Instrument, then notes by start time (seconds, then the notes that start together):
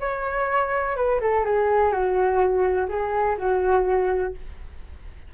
flute
0.00 C#5
0.96 B4
1.20 A4
1.44 G#4
1.92 F#4
2.88 G#4
3.38 F#4